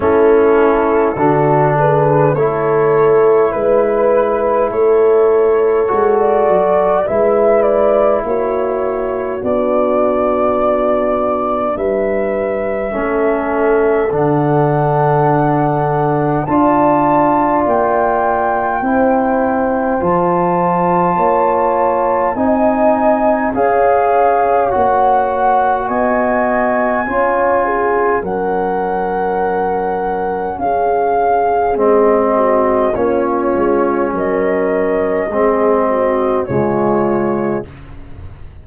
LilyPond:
<<
  \new Staff \with { instrumentName = "flute" } { \time 4/4 \tempo 4 = 51 a'4. b'8 cis''4 b'4 | cis''4~ cis''16 d''8. e''8 d''8 cis''4 | d''2 e''2 | fis''2 a''4 g''4~ |
g''4 a''2 gis''4 | f''4 fis''4 gis''2 | fis''2 f''4 dis''4 | cis''4 dis''2 cis''4 | }
  \new Staff \with { instrumentName = "horn" } { \time 4/4 e'4 fis'8 gis'8 a'4 b'4 | a'2 b'4 fis'4~ | fis'2 b'4 a'4~ | a'2 d''2 |
c''2 cis''4 dis''4 | cis''2 dis''4 cis''8 gis'8 | ais'2 gis'4. fis'8 | f'4 ais'4 gis'8 fis'8 f'4 | }
  \new Staff \with { instrumentName = "trombone" } { \time 4/4 cis'4 d'4 e'2~ | e'4 fis'4 e'2 | d'2. cis'4 | d'2 f'2 |
e'4 f'2 dis'4 | gis'4 fis'2 f'4 | cis'2. c'4 | cis'2 c'4 gis4 | }
  \new Staff \with { instrumentName = "tuba" } { \time 4/4 a4 d4 a4 gis4 | a4 gis8 fis8 gis4 ais4 | b2 g4 a4 | d2 d'4 ais4 |
c'4 f4 ais4 c'4 | cis'4 ais4 b4 cis'4 | fis2 cis'4 gis4 | ais8 gis8 fis4 gis4 cis4 | }
>>